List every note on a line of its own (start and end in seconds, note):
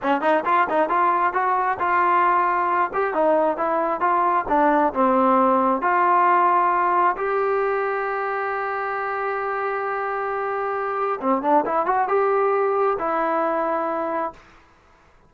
0.02 0.21 C#4
0.21 0.43 D#4
0.45 0.67 F4
0.69 0.89 D#4
0.89 1.33 F4
1.33 1.78 F#4
1.79 2.91 F4
2.93 3.13 G4
3.13 3.57 D#4
3.57 4.00 E4
4.00 4.45 F4
4.48 4.93 D4
4.93 5.81 C4
5.81 7.16 F4
7.16 11.19 G4
11.20 11.42 C4
11.42 11.64 D4
11.65 11.86 E4
11.86 12.08 F#4
12.08 12.97 G4
12.99 14.33 E4